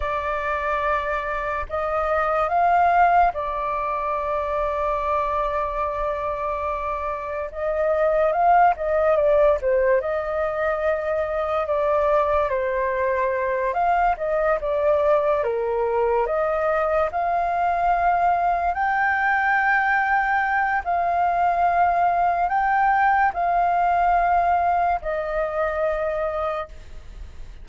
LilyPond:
\new Staff \with { instrumentName = "flute" } { \time 4/4 \tempo 4 = 72 d''2 dis''4 f''4 | d''1~ | d''4 dis''4 f''8 dis''8 d''8 c''8 | dis''2 d''4 c''4~ |
c''8 f''8 dis''8 d''4 ais'4 dis''8~ | dis''8 f''2 g''4.~ | g''4 f''2 g''4 | f''2 dis''2 | }